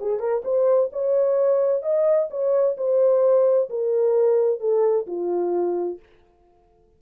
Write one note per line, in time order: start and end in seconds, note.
0.00 0.19 G#4
0.19 0.42 A#4
0.44 0.90 C5
0.92 1.82 C#5
1.82 2.28 D#5
2.30 2.76 C#5
2.77 3.69 C5
3.69 4.60 A#4
4.60 5.06 A4
5.06 5.99 F4